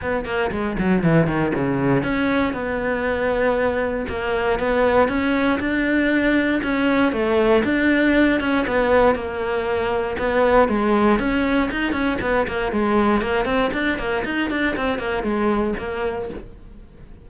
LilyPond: \new Staff \with { instrumentName = "cello" } { \time 4/4 \tempo 4 = 118 b8 ais8 gis8 fis8 e8 dis8 cis4 | cis'4 b2. | ais4 b4 cis'4 d'4~ | d'4 cis'4 a4 d'4~ |
d'8 cis'8 b4 ais2 | b4 gis4 cis'4 dis'8 cis'8 | b8 ais8 gis4 ais8 c'8 d'8 ais8 | dis'8 d'8 c'8 ais8 gis4 ais4 | }